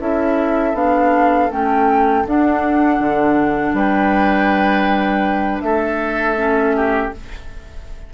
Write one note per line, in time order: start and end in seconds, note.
0.00 0.74 C#4
0.00 0.74 E4
0.00 3.76 A4
0.00 0.76 E5
0.74 1.49 B3
0.74 1.49 D4
0.74 1.51 F5
1.50 2.25 A3
1.50 2.26 C#4
1.50 2.27 G5
2.26 3.00 D4
2.26 6.37 D4
2.26 3.75 F#5
3.00 3.73 D3
3.73 5.61 G3
3.73 5.63 B4
3.73 5.61 G5
5.61 7.12 A3
5.61 6.76 A4
5.61 7.11 E5
6.37 7.12 C#4
6.76 7.14 G4